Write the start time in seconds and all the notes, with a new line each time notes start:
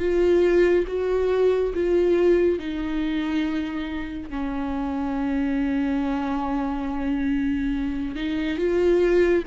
0.00 F4
0.88 F#4
1.75 F4
2.59 D#4
4.31 C#4
8.16 D#4
8.58 F4